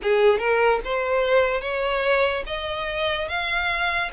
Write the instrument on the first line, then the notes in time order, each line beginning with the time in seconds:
violin
0.02 G#4
0.38 A#4
0.84 C5
1.61 C#5
2.46 D#5
3.28 F5